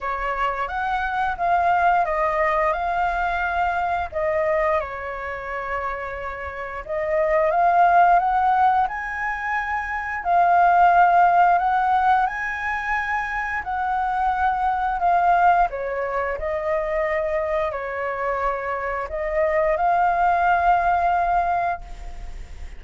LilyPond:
\new Staff \with { instrumentName = "flute" } { \time 4/4 \tempo 4 = 88 cis''4 fis''4 f''4 dis''4 | f''2 dis''4 cis''4~ | cis''2 dis''4 f''4 | fis''4 gis''2 f''4~ |
f''4 fis''4 gis''2 | fis''2 f''4 cis''4 | dis''2 cis''2 | dis''4 f''2. | }